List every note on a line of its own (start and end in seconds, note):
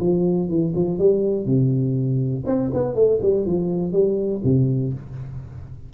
0.00 0.49 F3
0.49 0.74 E3
0.76 0.99 F3
0.99 1.46 G3
1.46 2.44 C3
2.46 2.71 C4
2.74 2.95 B3
2.95 3.19 A3
3.23 3.46 G3
3.46 3.93 F3
3.93 4.42 G3
4.44 4.94 C3